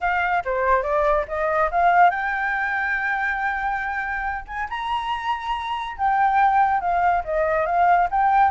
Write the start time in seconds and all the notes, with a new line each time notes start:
0.01 F5
0.44 C5
0.82 D5
1.28 D#5
1.71 F5
2.10 G5
4.47 G#5
4.69 A#5
5.97 G5
6.80 F5
7.24 D#5
7.65 F5
8.10 G5